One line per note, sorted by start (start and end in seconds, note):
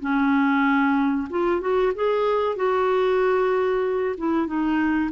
0.00 1.28 C#4
1.30 1.60 F4
1.60 1.92 F#4
1.95 2.56 G#4
2.56 4.15 F#4
4.17 4.47 E4
4.47 5.10 D#4